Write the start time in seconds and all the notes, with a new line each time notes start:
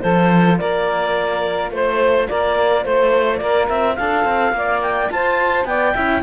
0.00 F3 F4 A4 C5
0.58 A#3 A#4 D5
1.70 A3 C5
2.28 A#3 A#4 D5
2.84 A3 C5
3.37 A#3 A#4 D5
3.68 C4 E5
3.95 D4 A4 F5
4.25 C4
4.52 A#3 D5
4.81 G5
5.10 F4 C5 A5
5.65 B3 D5 G5
5.94 C#4 E4 E5